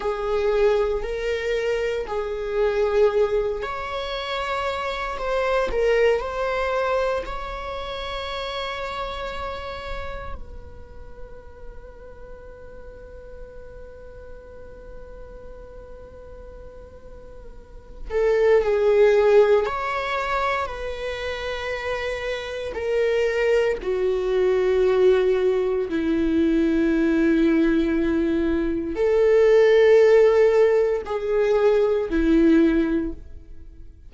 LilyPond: \new Staff \with { instrumentName = "viola" } { \time 4/4 \tempo 4 = 58 gis'4 ais'4 gis'4. cis''8~ | cis''4 c''8 ais'8 c''4 cis''4~ | cis''2 b'2~ | b'1~ |
b'4. a'8 gis'4 cis''4 | b'2 ais'4 fis'4~ | fis'4 e'2. | a'2 gis'4 e'4 | }